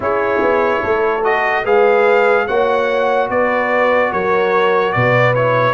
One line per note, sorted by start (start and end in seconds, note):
0.00 0.40 C#4
0.00 1.21 E4
0.00 0.81 G#4
0.00 1.24 C#5
0.41 0.82 B3
0.81 1.66 A3
0.81 1.63 A4
1.23 1.64 F#4
1.23 1.65 D#5
1.64 2.48 G#3
1.64 2.47 G#4
1.64 2.46 B4
1.64 2.47 F5
2.47 3.29 A#3
2.47 5.35 F#4
2.47 3.29 C#5
2.47 3.29 F#5
3.29 4.11 B3
3.29 4.11 B4
3.29 4.12 D5
4.11 4.95 F#3
4.11 4.93 A#4
4.11 4.92 C#5
4.92 5.74 B2
4.92 5.74 B4
4.92 5.33 D5
5.34 5.74 E4
5.34 5.74 C#5